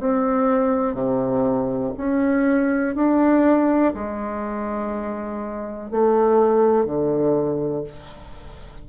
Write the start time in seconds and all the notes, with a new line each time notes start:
0.00 C4
0.94 C3
1.98 C#4
2.96 D4
3.95 G#3
5.91 A3
6.86 D3